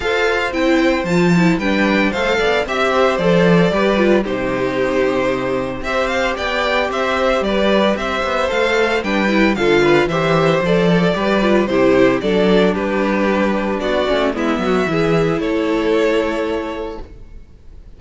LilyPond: <<
  \new Staff \with { instrumentName = "violin" } { \time 4/4 \tempo 4 = 113 f''4 g''4 a''4 g''4 | f''4 e''4 d''2 | c''2. e''8 f''8 | g''4 e''4 d''4 e''4 |
f''4 g''4 f''4 e''4 | d''2 c''4 d''4 | b'2 d''4 e''4~ | e''4 cis''2. | }
  \new Staff \with { instrumentName = "violin" } { \time 4/4 c''2. b'4 | c''8 d''8 e''8 c''4. b'4 | g'2. c''4 | d''4 c''4 b'4 c''4~ |
c''4 b'4 a'8 b'8 c''4~ | c''8 a'8 b'4 g'4 a'4 | g'2 fis'4 e'8 fis'8 | gis'4 a'2. | }
  \new Staff \with { instrumentName = "viola" } { \time 4/4 a'4 e'4 f'8 e'8 d'4 | a'4 g'4 a'4 g'8 f'8 | dis'2. g'4~ | g'1 |
a'4 d'8 e'8 f'4 g'4 | a'4 g'8 f'8 e'4 d'4~ | d'2~ d'8 cis'8 b4 | e'1 | }
  \new Staff \with { instrumentName = "cello" } { \time 4/4 f'4 c'4 f4 g4 | a8 b8 c'4 f4 g4 | c2. c'4 | b4 c'4 g4 c'8 b8 |
a4 g4 d4 e4 | f4 g4 c4 fis4 | g2 b8 a8 gis8 fis8 | e4 a2. | }
>>